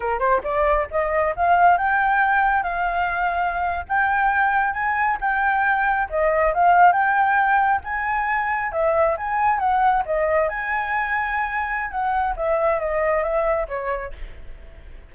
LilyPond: \new Staff \with { instrumentName = "flute" } { \time 4/4 \tempo 4 = 136 ais'8 c''8 d''4 dis''4 f''4 | g''2 f''2~ | f''8. g''2 gis''4 g''16~ | g''4.~ g''16 dis''4 f''4 g''16~ |
g''4.~ g''16 gis''2 e''16~ | e''8. gis''4 fis''4 dis''4 gis''16~ | gis''2. fis''4 | e''4 dis''4 e''4 cis''4 | }